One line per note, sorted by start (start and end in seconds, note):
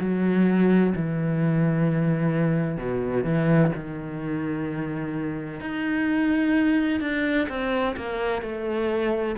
0.00 0.94 F#3
0.95 2.77 E3
2.77 3.24 B2
3.24 3.71 E3
3.75 5.60 D#3
5.60 7.01 D#4
7.01 7.47 D4
7.49 7.96 C4
7.96 8.42 A#3
8.42 9.36 A3